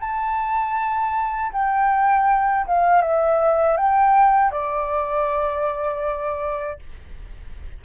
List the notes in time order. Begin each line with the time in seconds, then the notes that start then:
0.00 A5
1.53 G5
2.67 F5
3.02 E5
3.77 G5
4.51 D5